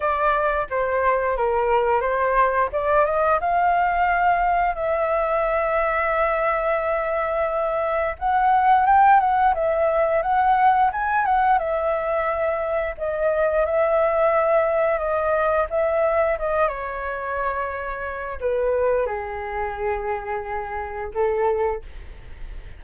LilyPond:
\new Staff \with { instrumentName = "flute" } { \time 4/4 \tempo 4 = 88 d''4 c''4 ais'4 c''4 | d''8 dis''8 f''2 e''4~ | e''1 | fis''4 g''8 fis''8 e''4 fis''4 |
gis''8 fis''8 e''2 dis''4 | e''2 dis''4 e''4 | dis''8 cis''2~ cis''8 b'4 | gis'2. a'4 | }